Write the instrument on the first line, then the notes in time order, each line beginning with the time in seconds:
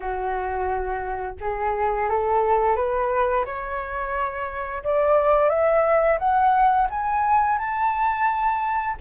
flute
0.00 F#4
1.40 G#4
2.09 A4
2.76 B4
3.45 C#5
4.83 D5
5.49 E5
6.18 F#5
6.90 G#5
7.58 A5